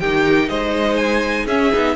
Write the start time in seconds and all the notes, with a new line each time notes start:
0.00 D#3 D#4 G4 G5
0.49 G#3 C5 D#5
0.97 G#5
1.45 C#4 G#4 E5
1.73 B3 D#4